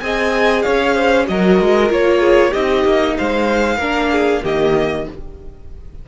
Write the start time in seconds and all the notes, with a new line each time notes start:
0.00 C4 G#4 D#5 G#5
0.62 C#4 C#5 F5
0.94 C5
1.26 F#3 F#4 A#4 D#5
1.60 G#3
1.89 A#3 F4 C#5
2.20 G#4
2.50 C4 D#4 G4 D#5
2.84 A#3
3.17 G#3 C5 F5
3.77 A#3 D4 A#4
4.11 G#4
4.43 D#3 A#3 G4 D#5